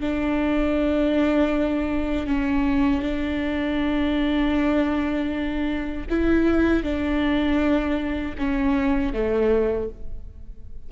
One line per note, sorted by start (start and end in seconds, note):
0.00 2.26 D4
2.26 3.02 C#4
3.02 6.06 D4
6.09 6.83 E4
6.83 8.35 D4
8.38 9.13 C#4
9.13 9.89 A3